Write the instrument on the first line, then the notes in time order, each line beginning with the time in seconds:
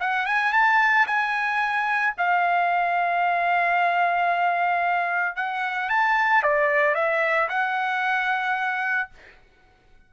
trumpet
0.00 F#5
0.26 G#5
0.53 A5
1.06 G#5
2.17 F5
5.36 F#5
5.89 A5
6.43 D5
6.94 E5
7.49 F#5